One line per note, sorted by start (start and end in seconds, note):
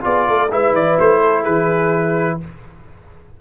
0.00 0.29 B3
0.00 0.47 F4
0.00 0.27 G#4
0.00 0.51 D5
0.27 0.51 A3
0.27 0.51 A4
0.51 0.73 G#3
0.51 2.40 E4
0.51 1.21 B4
0.51 0.75 E5
0.73 0.97 E3
0.73 0.98 D5
0.99 1.46 A3
0.99 1.44 C5
1.21 1.42 A4
1.42 2.40 E3
1.42 2.36 G#4
1.42 2.38 B4